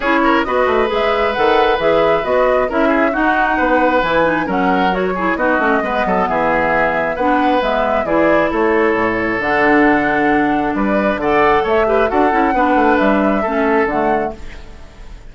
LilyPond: <<
  \new Staff \with { instrumentName = "flute" } { \time 4/4 \tempo 4 = 134 cis''4 dis''4 e''4 fis''4 | e''4 dis''4 e''4 fis''4~ | fis''4 gis''4 fis''4 cis''4 | dis''2 e''2 |
fis''4 e''4 d''4 cis''4~ | cis''4 fis''2. | d''4 fis''4 e''4 fis''4~ | fis''4 e''2 fis''4 | }
  \new Staff \with { instrumentName = "oboe" } { \time 4/4 gis'8 ais'8 b'2.~ | b'2 ais'8 gis'8 fis'4 | b'2 ais'4. gis'8 | fis'4 b'8 a'8 gis'2 |
b'2 gis'4 a'4~ | a'1 | b'4 d''4 cis''8 b'8 a'4 | b'2 a'2 | }
  \new Staff \with { instrumentName = "clarinet" } { \time 4/4 e'4 fis'4 gis'4 a'4 | gis'4 fis'4 e'4 dis'4~ | dis'4 e'8 dis'8 cis'4 fis'8 e'8 | dis'8 cis'8 b2. |
d'4 b4 e'2~ | e'4 d'2.~ | d'4 a'4. g'8 fis'8 e'8 | d'2 cis'4 a4 | }
  \new Staff \with { instrumentName = "bassoon" } { \time 4/4 cis'4 b8 a8 gis4 dis4 | e4 b4 cis'4 dis'4 | b4 e4 fis2 | b8 a8 gis8 fis8 e2 |
b4 gis4 e4 a4 | a,4 d2. | g4 d4 a4 d'8 cis'8 | b8 a8 g4 a4 d4 | }
>>